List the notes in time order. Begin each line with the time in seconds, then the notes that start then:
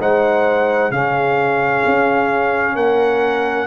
0.00 G#3 D#4 C5 F#5
0.90 C#3 C#4 G#4 F5
1.86 C#4
2.75 A#3 A#4 F#5